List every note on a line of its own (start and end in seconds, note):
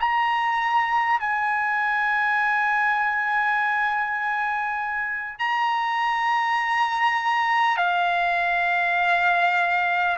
0.00 1.20 A#5
1.20 5.39 G#5
5.39 7.77 A#5
7.77 10.17 F5